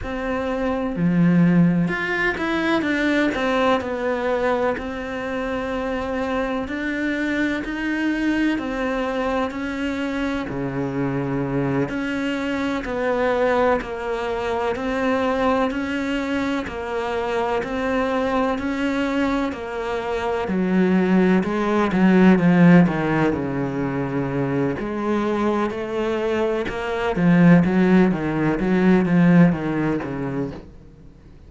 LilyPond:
\new Staff \with { instrumentName = "cello" } { \time 4/4 \tempo 4 = 63 c'4 f4 f'8 e'8 d'8 c'8 | b4 c'2 d'4 | dis'4 c'4 cis'4 cis4~ | cis8 cis'4 b4 ais4 c'8~ |
c'8 cis'4 ais4 c'4 cis'8~ | cis'8 ais4 fis4 gis8 fis8 f8 | dis8 cis4. gis4 a4 | ais8 f8 fis8 dis8 fis8 f8 dis8 cis8 | }